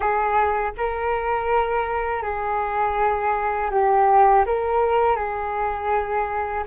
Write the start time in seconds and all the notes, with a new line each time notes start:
0.00 G#4
0.77 A#4
2.22 G#4
3.70 G4
4.45 A#4
5.15 G#4